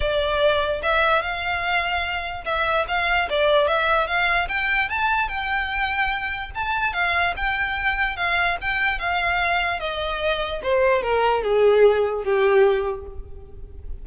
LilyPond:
\new Staff \with { instrumentName = "violin" } { \time 4/4 \tempo 4 = 147 d''2 e''4 f''4~ | f''2 e''4 f''4 | d''4 e''4 f''4 g''4 | a''4 g''2. |
a''4 f''4 g''2 | f''4 g''4 f''2 | dis''2 c''4 ais'4 | gis'2 g'2 | }